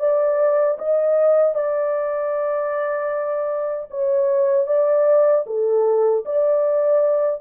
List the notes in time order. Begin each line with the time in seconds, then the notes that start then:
0.00 D5
0.78 D#5
1.55 D5
3.90 C#5
4.67 D5
5.47 A4
6.26 D5